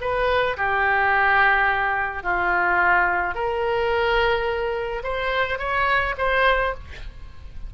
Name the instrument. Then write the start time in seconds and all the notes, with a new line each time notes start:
oboe
0.00 B4
0.56 G4
2.23 F4
3.34 A#4
5.03 C5
5.58 C#5
6.18 C5